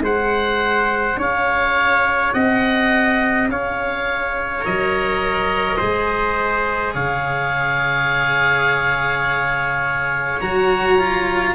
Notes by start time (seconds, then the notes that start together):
0.00 G#3 G#4 C5 F#5
1.16 C#4 C#5 F5
2.33 C4 D#5 F#5
3.48 C#4 C#5 F5
4.61 F#3 A#4 D#5
5.77 G#3 G#4 C5
6.94 C#3 C#5 F5
10.40 F#3 F#4 A#5
10.98 F4